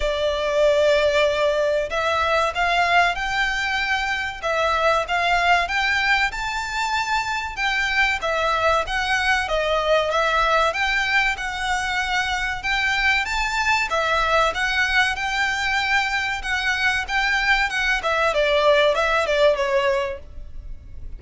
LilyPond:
\new Staff \with { instrumentName = "violin" } { \time 4/4 \tempo 4 = 95 d''2. e''4 | f''4 g''2 e''4 | f''4 g''4 a''2 | g''4 e''4 fis''4 dis''4 |
e''4 g''4 fis''2 | g''4 a''4 e''4 fis''4 | g''2 fis''4 g''4 | fis''8 e''8 d''4 e''8 d''8 cis''4 | }